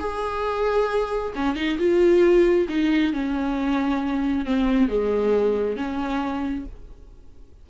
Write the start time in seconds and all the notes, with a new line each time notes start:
0.00 G#4
1.36 C#4
1.56 D#4
1.79 F4
2.69 D#4
3.13 C#4
4.46 C4
4.89 G#3
5.77 C#4